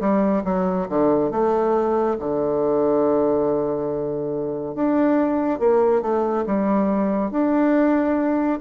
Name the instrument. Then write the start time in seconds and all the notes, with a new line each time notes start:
bassoon
0.00 G3
0.44 F#3
0.89 D3
1.31 A3
2.19 D3
4.75 D4
5.59 A#3
6.02 A3
6.46 G3
7.31 D4